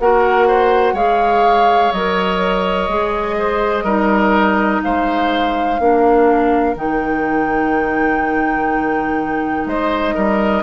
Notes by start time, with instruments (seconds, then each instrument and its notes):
0.00 bassoon A#3, clarinet F#4, oboe A#4, flute F#5
0.48 oboe C5
0.94 bassoon G#3, clarinet G#4, oboe C#5, flute F5
1.92 bassoon F#3, clarinet A#4, flute D#5
2.89 bassoon G#3, clarinet G#4
3.39 oboe C5
3.83 bassoon G3, clarinet D#4, oboe A#4
4.83 bassoon G#3, oboe C5, flute F5
5.79 bassoon A#3, clarinet D4, oboe A#4
6.75 bassoon D#3, clarinet D#4, flute G5
9.66 bassoon G#3, oboe C5, flute D#5
10.15 bassoon G3, oboe A#4